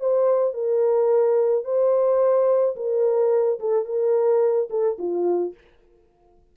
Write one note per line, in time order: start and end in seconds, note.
0.00 0.54 C5
0.54 1.65 A#4
1.65 2.76 C5
2.76 3.60 A#4
3.60 3.85 A4
3.85 4.69 A#4
4.70 4.98 A4
4.98 5.54 F4